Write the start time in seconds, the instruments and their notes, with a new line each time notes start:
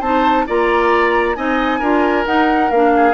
0.00 bassoon C4, clarinet D#4, oboe C5, flute A5
0.47 bassoon A#3, clarinet F4, oboe D5, flute A#5
1.35 bassoon C4, clarinet D#4, oboe D#5, flute G#5
1.79 bassoon D4, clarinet F4, oboe A#4
2.26 clarinet D#4, bassoon D#4, flute F#5
2.71 bassoon A#3, clarinet D4, flute F5
2.96 oboe G#4